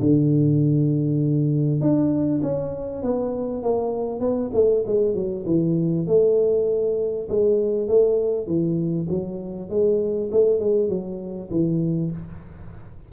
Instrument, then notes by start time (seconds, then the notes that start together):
tuba
0.00 D3
1.80 D4
2.42 C#4
3.02 B3
3.63 A#3
4.20 B3
4.53 A3
4.86 G#3
5.14 F#3
5.46 E3
6.07 A3
7.29 G#3
7.88 A3
8.46 E3
9.09 F#3
9.69 G#3
10.31 A3
10.60 G#3
10.89 F#3
11.50 E3